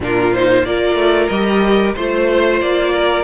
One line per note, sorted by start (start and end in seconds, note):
0.00 0.62 A#2
0.00 0.33 D4
0.00 0.67 F4
0.00 0.33 A#4
0.33 0.65 D#4
0.33 0.65 C5
0.64 0.94 A#3
0.64 1.30 F4
0.64 1.94 A#4
0.64 1.28 D5
0.94 1.27 A3
1.28 1.95 G3
1.28 1.96 G4
1.28 1.93 D#5
1.94 2.61 A3
1.94 3.24 F4
1.94 2.92 C5
1.94 2.60 C5
2.60 3.24 A#3
2.60 3.24 D5
2.93 3.24 A#4